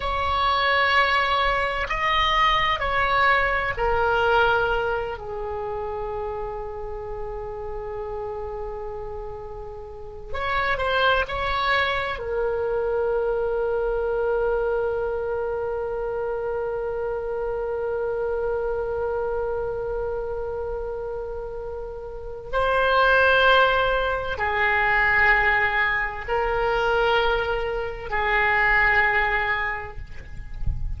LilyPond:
\new Staff \with { instrumentName = "oboe" } { \time 4/4 \tempo 4 = 64 cis''2 dis''4 cis''4 | ais'4. gis'2~ gis'8~ | gis'2. cis''8 c''8 | cis''4 ais'2.~ |
ais'1~ | ais'1 | c''2 gis'2 | ais'2 gis'2 | }